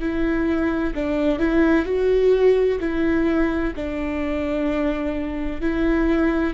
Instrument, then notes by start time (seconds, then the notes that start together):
viola
0.00 E4
0.95 D4
1.39 E4
1.86 F#4
2.80 E4
3.76 D4
5.61 E4